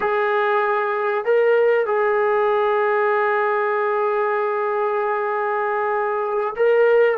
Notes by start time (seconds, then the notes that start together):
0.00 G#4
1.24 A#4
1.86 G#4
6.55 A#4